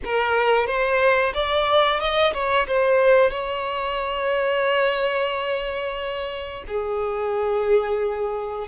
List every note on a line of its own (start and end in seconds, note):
0.04 0.66 A#4
0.66 1.33 C5
1.34 2.00 D5
2.00 2.33 D#5
2.33 2.67 C#5
2.67 3.30 C5
3.30 6.64 C#5
6.67 8.67 G#4